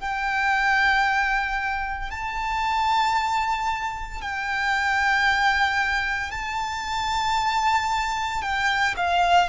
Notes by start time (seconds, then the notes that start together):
0.00 G5
2.11 A5
4.22 G5
6.32 A5
8.42 G5
8.97 F5